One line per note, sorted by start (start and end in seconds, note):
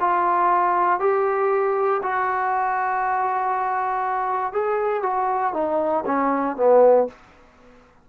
0.00 1.00 F4
1.00 2.01 G4
2.02 4.53 F#4
4.53 5.02 G#4
5.02 5.53 F#4
5.53 6.04 D#4
6.06 6.57 C#4
6.57 7.07 B3